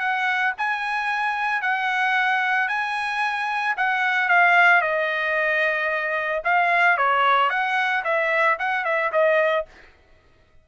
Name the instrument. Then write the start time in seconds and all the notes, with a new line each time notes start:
trumpet
0.00 F#5
0.58 G#5
1.62 F#5
2.69 G#5
3.78 F#5
4.29 F5
4.82 D#5
6.45 F5
6.98 C#5
7.50 F#5
8.05 E5
8.60 F#5
8.85 E5
9.13 D#5